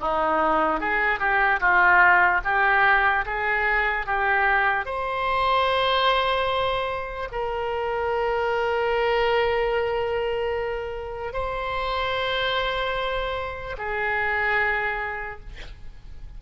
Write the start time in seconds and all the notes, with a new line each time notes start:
0.00 D#4
0.80 G#4
1.19 G4
1.60 F4
2.44 G4
3.26 G#4
4.06 G4
4.85 C5
7.32 A#4
11.33 C5
13.78 G#4